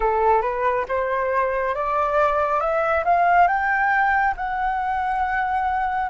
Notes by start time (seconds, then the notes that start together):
0.00 A4
0.42 B4
0.88 C5
1.74 D5
2.60 E5
3.04 F5
3.47 G5
4.36 F#5